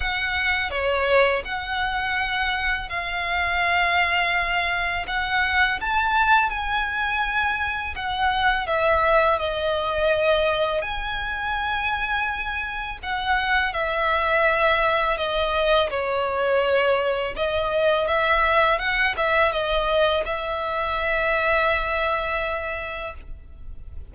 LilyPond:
\new Staff \with { instrumentName = "violin" } { \time 4/4 \tempo 4 = 83 fis''4 cis''4 fis''2 | f''2. fis''4 | a''4 gis''2 fis''4 | e''4 dis''2 gis''4~ |
gis''2 fis''4 e''4~ | e''4 dis''4 cis''2 | dis''4 e''4 fis''8 e''8 dis''4 | e''1 | }